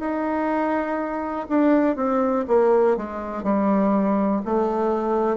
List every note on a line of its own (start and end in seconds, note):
0.00 1.48 D#4
1.49 1.96 D4
1.96 2.45 C4
2.48 2.97 A#3
2.97 3.43 G#3
3.43 4.42 G3
4.46 5.37 A3